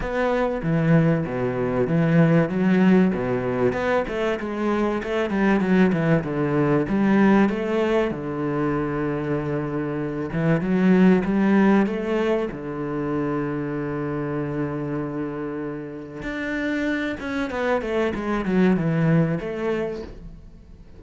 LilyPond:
\new Staff \with { instrumentName = "cello" } { \time 4/4 \tempo 4 = 96 b4 e4 b,4 e4 | fis4 b,4 b8 a8 gis4 | a8 g8 fis8 e8 d4 g4 | a4 d2.~ |
d8 e8 fis4 g4 a4 | d1~ | d2 d'4. cis'8 | b8 a8 gis8 fis8 e4 a4 | }